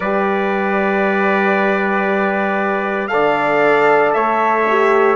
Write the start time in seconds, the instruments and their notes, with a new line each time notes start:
0.00 bassoon G3, horn G4, trumpet B4 D5
3.07 horn A4, trumpet D5 F5
3.13 bassoon D3
4.13 bassoon A3, trumpet C#5 E5
4.69 horn G4